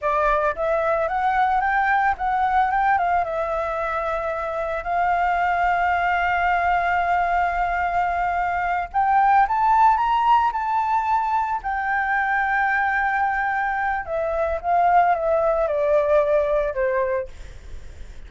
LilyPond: \new Staff \with { instrumentName = "flute" } { \time 4/4 \tempo 4 = 111 d''4 e''4 fis''4 g''4 | fis''4 g''8 f''8 e''2~ | e''4 f''2.~ | f''1~ |
f''8 g''4 a''4 ais''4 a''8~ | a''4. g''2~ g''8~ | g''2 e''4 f''4 | e''4 d''2 c''4 | }